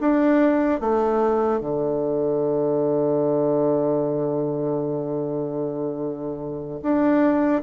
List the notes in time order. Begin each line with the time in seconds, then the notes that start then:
0.00 D4
0.80 A3
1.60 D3
6.82 D4